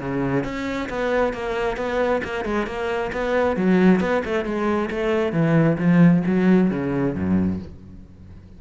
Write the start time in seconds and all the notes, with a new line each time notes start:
0.00 C#3
0.45 C#4
0.90 B3
1.34 A#3
1.77 B3
2.25 A#3
2.45 G#3
2.67 A#3
3.13 B3
3.57 F#3
4.01 B3
4.25 A3
4.45 G#3
4.91 A3
5.33 E3
5.79 F3
6.27 F#3
6.71 C#3
7.16 F#2